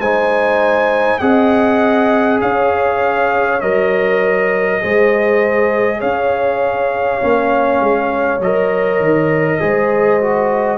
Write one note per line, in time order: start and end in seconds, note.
0.00 1.20 G#3
0.00 1.20 D#4
0.00 1.20 C5
0.00 1.19 G#5
1.19 2.41 C4
1.19 3.60 G#4
1.19 2.41 D#5
1.19 2.39 F#5
2.41 3.62 C#4
2.41 4.82 C#5
2.41 3.60 F5
3.60 4.83 F#3
3.60 4.81 A#4
3.60 6.00 D#5
4.81 6.02 G#3
4.81 7.21 G#4
4.81 5.98 C5
5.98 7.22 C#4
5.98 9.58 C#5
5.98 8.41 F5
7.21 7.80 A#3
7.21 8.41 C#4
7.80 8.40 G#3
8.40 9.00 F#3
8.40 9.60 A#4
8.40 10.78 D#5
9.00 9.60 D#3
9.60 10.78 G#3
9.60 10.20 G#4
9.60 10.78 C5
10.21 10.78 F#4